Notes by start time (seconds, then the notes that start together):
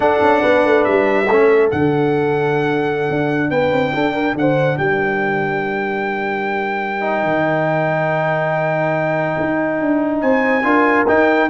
0.00 D4 A4 F#5
0.21 C#4
0.41 B3 B4
0.64 A3
0.84 G3 E5
1.29 A3 C#4 A4
1.70 D3 D4 F#5
3.09 D4
3.50 B3 B4 G5
3.72 C4
3.93 D4 A4
4.13 A#4
4.34 D3 C5 F#5
4.77 G3 A#4 G5
7.01 D#4
7.23 D#3
9.39 D#4
9.80 D4
10.21 C4 C5 G#5
10.63 D4 F4 A#4
11.07 D#4 G5